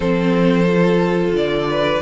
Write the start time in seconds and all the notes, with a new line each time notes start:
0.00 F3 C4 A4 C5
0.66 F4
1.32 D3 D5
1.70 B4